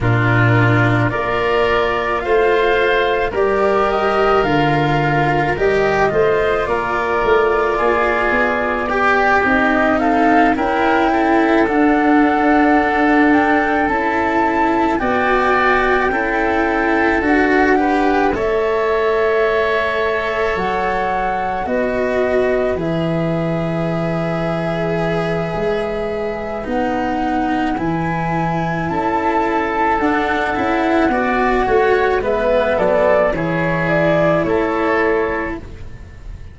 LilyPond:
<<
  \new Staff \with { instrumentName = "flute" } { \time 4/4 \tempo 4 = 54 ais'4 d''4 f''4 d''8 dis''8 | f''4 dis''4 d''2~ | d''8 dis''8 f''8 g''4 fis''4. | g''8 a''4 g''2 fis''8~ |
fis''8 e''2 fis''4 dis''8~ | dis''8 e''2.~ e''8 | fis''4 gis''4 a''4 fis''4~ | fis''4 e''8 d''8 cis''8 d''8 cis''4 | }
  \new Staff \with { instrumentName = "oboe" } { \time 4/4 f'4 ais'4 c''4 ais'4~ | ais'4. c''8 ais'4 gis'4 | g'4 a'8 ais'8 a'2~ | a'4. d''4 a'4. |
b'8 cis''2. b'8~ | b'1~ | b'2 a'2 | d''8 cis''8 b'8 a'8 gis'4 a'4 | }
  \new Staff \with { instrumentName = "cello" } { \time 4/4 d'4 f'2 g'4 | f'4 g'8 f'2~ f'8 | g'8 dis'4 e'4 d'4.~ | d'8 e'4 fis'4 e'4 fis'8 |
g'8 a'2. fis'8~ | fis'8 gis'2.~ gis'8 | dis'4 e'2 d'8 e'8 | fis'4 b4 e'2 | }
  \new Staff \with { instrumentName = "tuba" } { \time 4/4 ais,4 ais4 a4 g4 | d4 g8 a8 ais8 a8 ais8 b8~ | b8 c'4 cis'4 d'4.~ | d'8 cis'4 b4 cis'4 d'8~ |
d'8 a2 fis4 b8~ | b8 e2~ e8 gis4 | b4 e4 cis'4 d'8 cis'8 | b8 a8 gis8 fis8 e4 a4 | }
>>